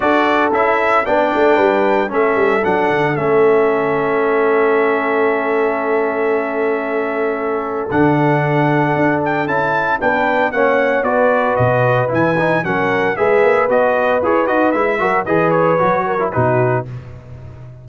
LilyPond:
<<
  \new Staff \with { instrumentName = "trumpet" } { \time 4/4 \tempo 4 = 114 d''4 e''4 g''2 | e''4 fis''4 e''2~ | e''1~ | e''2. fis''4~ |
fis''4. g''8 a''4 g''4 | fis''4 d''4 dis''4 gis''4 | fis''4 e''4 dis''4 cis''8 dis''8 | e''4 dis''8 cis''4. b'4 | }
  \new Staff \with { instrumentName = "horn" } { \time 4/4 a'2 d''4 b'4 | a'1~ | a'1~ | a'1~ |
a'2. b'4 | cis''4 b'2. | ais'4 b'2.~ | b'8 ais'8 b'4. ais'8 fis'4 | }
  \new Staff \with { instrumentName = "trombone" } { \time 4/4 fis'4 e'4 d'2 | cis'4 d'4 cis'2~ | cis'1~ | cis'2. d'4~ |
d'2 e'4 d'4 | cis'4 fis'2 e'8 dis'8 | cis'4 gis'4 fis'4 gis'8 fis'8 | e'8 fis'8 gis'4 fis'8. e'16 dis'4 | }
  \new Staff \with { instrumentName = "tuba" } { \time 4/4 d'4 cis'4 b8 a8 g4 | a8 g8 fis8 d8 a2~ | a1~ | a2. d4~ |
d4 d'4 cis'4 b4 | ais4 b4 b,4 e4 | fis4 gis8 ais8 b4 e'8 dis'8 | gis8 fis8 e4 fis4 b,4 | }
>>